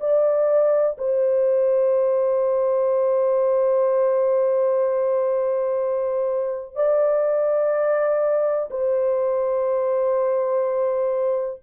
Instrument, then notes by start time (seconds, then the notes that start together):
horn
0.00 D5
0.98 C5
6.76 D5
8.71 C5